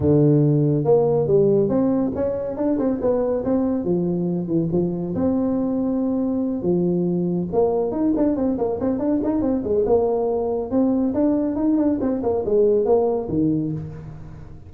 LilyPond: \new Staff \with { instrumentName = "tuba" } { \time 4/4 \tempo 4 = 140 d2 ais4 g4 | c'4 cis'4 d'8 c'8 b4 | c'4 f4. e8 f4 | c'2.~ c'8 f8~ |
f4. ais4 dis'8 d'8 c'8 | ais8 c'8 d'8 dis'8 c'8 gis8 ais4~ | ais4 c'4 d'4 dis'8 d'8 | c'8 ais8 gis4 ais4 dis4 | }